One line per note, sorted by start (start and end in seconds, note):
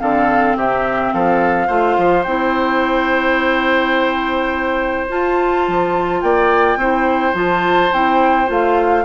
0.00 0.56 D3
0.00 1.69 C4
0.00 0.57 A4
0.00 0.57 F5
0.56 1.13 C3
0.56 1.14 G4
0.56 1.14 E5
1.14 1.69 F3
1.14 1.68 A4
1.14 2.24 F5
1.68 1.98 A3
1.68 2.26 F4
1.68 6.20 C5
1.98 2.26 F3
2.24 5.09 C4
2.24 5.10 E4
2.24 5.07 G5
5.10 6.79 F4
5.10 5.68 F4
5.10 6.22 A5
5.68 6.23 F3
6.22 6.77 A#3
6.22 6.79 D5
6.22 7.35 G5
6.77 7.33 C4
6.77 7.35 E4
6.77 9.05 C5
7.34 7.91 F3
7.34 7.91 F4
7.34 7.93 A5
7.93 8.50 C4
7.93 8.47 E4
7.93 8.50 G5
8.47 9.05 A3
8.47 9.04 F4
8.47 9.05 F5